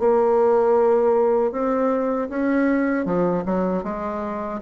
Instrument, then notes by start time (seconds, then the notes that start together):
bassoon
0.00 A#3
1.52 C4
2.30 C#4
3.06 F3
3.46 F#3
3.84 G#3